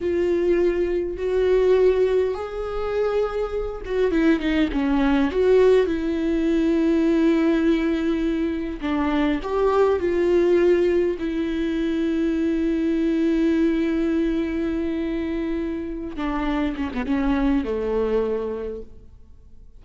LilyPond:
\new Staff \with { instrumentName = "viola" } { \time 4/4 \tempo 4 = 102 f'2 fis'2 | gis'2~ gis'8 fis'8 e'8 dis'8 | cis'4 fis'4 e'2~ | e'2. d'4 |
g'4 f'2 e'4~ | e'1~ | e'2.~ e'8 d'8~ | d'8 cis'16 b16 cis'4 a2 | }